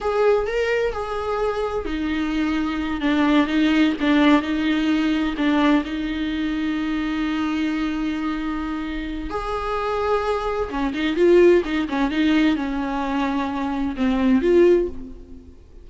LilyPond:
\new Staff \with { instrumentName = "viola" } { \time 4/4 \tempo 4 = 129 gis'4 ais'4 gis'2 | dis'2~ dis'8 d'4 dis'8~ | dis'8 d'4 dis'2 d'8~ | d'8 dis'2.~ dis'8~ |
dis'1 | gis'2. cis'8 dis'8 | f'4 dis'8 cis'8 dis'4 cis'4~ | cis'2 c'4 f'4 | }